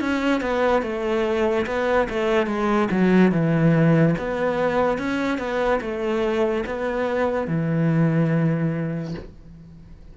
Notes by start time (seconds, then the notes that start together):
0.00 C#4
0.41 B3
0.82 A3
1.66 B3
2.09 A3
2.46 G#3
2.91 F#3
3.31 E3
4.18 B3
4.98 C#4
5.38 B3
5.81 A3
6.66 B3
7.47 E3